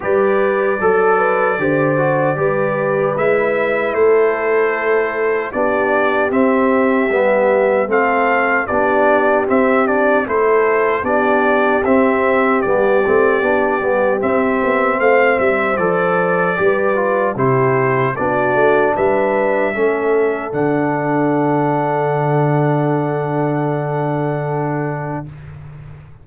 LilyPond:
<<
  \new Staff \with { instrumentName = "trumpet" } { \time 4/4 \tempo 4 = 76 d''1 | e''4 c''2 d''4 | e''2 f''4 d''4 | e''8 d''8 c''4 d''4 e''4 |
d''2 e''4 f''8 e''8 | d''2 c''4 d''4 | e''2 fis''2~ | fis''1 | }
  \new Staff \with { instrumentName = "horn" } { \time 4/4 b'4 a'8 b'8 c''4 b'4~ | b'4 a'2 g'4~ | g'2 a'4 g'4~ | g'4 a'4 g'2~ |
g'2. c''4~ | c''4 b'4 g'4 fis'4 | b'4 a'2.~ | a'1 | }
  \new Staff \with { instrumentName = "trombone" } { \time 4/4 g'4 a'4 g'8 fis'8 g'4 | e'2. d'4 | c'4 b4 c'4 d'4 | c'8 d'8 e'4 d'4 c'4 |
b8 c'8 d'8 b8 c'2 | a'4 g'8 f'8 e'4 d'4~ | d'4 cis'4 d'2~ | d'1 | }
  \new Staff \with { instrumentName = "tuba" } { \time 4/4 g4 fis4 d4 g4 | gis4 a2 b4 | c'4 g4 a4 b4 | c'4 a4 b4 c'4 |
g8 a8 b8 g8 c'8 b8 a8 g8 | f4 g4 c4 b8 a8 | g4 a4 d2~ | d1 | }
>>